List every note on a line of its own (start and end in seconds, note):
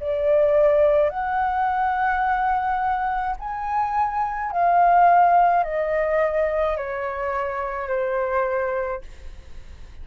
0.00 1.10 D5
1.10 3.36 F#5
3.39 4.52 G#5
4.52 5.63 F5
5.63 6.77 D#5
6.77 7.88 C#5
7.88 9.02 C5